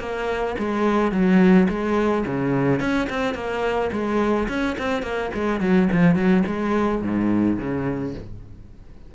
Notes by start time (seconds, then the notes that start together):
0.00 A#3
0.59 G#3
1.12 F#3
1.69 G#3
2.26 C#3
2.81 C#4
3.10 C4
3.35 A#3
3.93 G#3
4.49 C#4
4.79 C4
5.03 A#3
5.34 G#3
5.61 F#3
5.93 F3
6.16 F#3
6.47 G#3
7.02 G#2
7.59 C#3